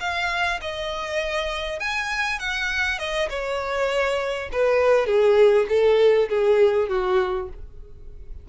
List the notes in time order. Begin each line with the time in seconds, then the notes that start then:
0.00 F5
0.61 D#5
1.79 G#5
2.39 F#5
2.99 D#5
3.30 C#5
4.52 B4
5.06 G#4
5.69 A4
6.29 G#4
6.89 F#4